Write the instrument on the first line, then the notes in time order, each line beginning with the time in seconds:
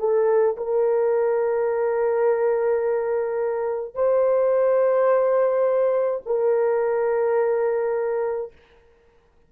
horn
0.00 A4
0.58 A#4
3.95 C5
6.26 A#4